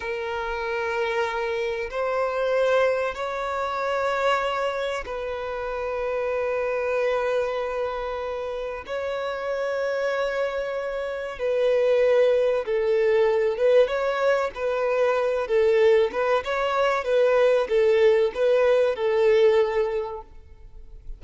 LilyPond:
\new Staff \with { instrumentName = "violin" } { \time 4/4 \tempo 4 = 95 ais'2. c''4~ | c''4 cis''2. | b'1~ | b'2 cis''2~ |
cis''2 b'2 | a'4. b'8 cis''4 b'4~ | b'8 a'4 b'8 cis''4 b'4 | a'4 b'4 a'2 | }